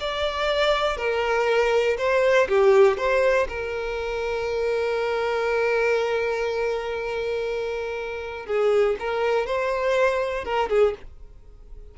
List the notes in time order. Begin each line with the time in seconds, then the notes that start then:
0.00 D5
0.97 A#4
1.98 C5
2.49 G4
2.97 C5
3.48 A#4
8.46 G#4
8.99 A#4
9.46 C5
10.45 A#4
10.70 G#4